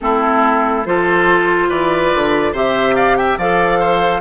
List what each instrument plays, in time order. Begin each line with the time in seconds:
0.01 bassoon A3, clarinet C4, oboe E4, flute A4
0.85 bassoon F3, clarinet F4, oboe A4, flute C5
1.68 bassoon E3, oboe B4, flute D5
2.14 bassoon D3
2.52 bassoon C3, clarinet G4, oboe C5, flute E5
2.95 oboe D5, flute F5
3.17 oboe E5, flute G5
3.37 bassoon F3, clarinet A4, oboe D5, flute F5
3.79 oboe C5